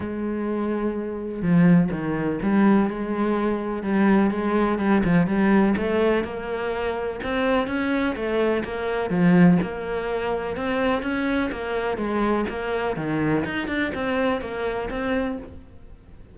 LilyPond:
\new Staff \with { instrumentName = "cello" } { \time 4/4 \tempo 4 = 125 gis2. f4 | dis4 g4 gis2 | g4 gis4 g8 f8 g4 | a4 ais2 c'4 |
cis'4 a4 ais4 f4 | ais2 c'4 cis'4 | ais4 gis4 ais4 dis4 | dis'8 d'8 c'4 ais4 c'4 | }